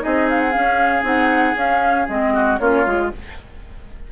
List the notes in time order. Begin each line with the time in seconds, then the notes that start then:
0.00 D#4 G#4 D#5
0.06 C4
0.30 F5
0.41 F#5
0.52 C#4 F5
1.03 C4 D#4 F#5
1.55 C#4 F5
2.09 G#3 C4 D#5
2.34 F#4
2.58 A#3 C#4 F4 C#5
2.87 G#3 F4